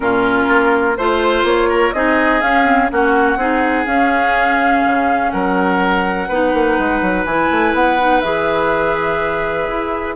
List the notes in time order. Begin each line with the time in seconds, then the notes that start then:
0.00 A#2 C#4 F4 A#4
0.48 A#3
0.96 A3 F4 C5
1.43 A#3 C#5
1.69 A#4
1.92 C4 D#4 G#4 D#5
2.41 C#4 F5
2.63 C4
2.90 A#3 C#4 F#4 F#5
3.36 C4 D#4 G#4
3.86 C#4 F5
4.85 C#3
5.30 F#3 A#4 F#5
6.28 B3 D#4 B4
6.53 A#3
6.79 G#3
7.01 F#3
7.24 E3 E4 G#5
7.51 A3
7.73 B3 F#5
7.99 D#4
8.20 E3 G#4 E5
9.68 E4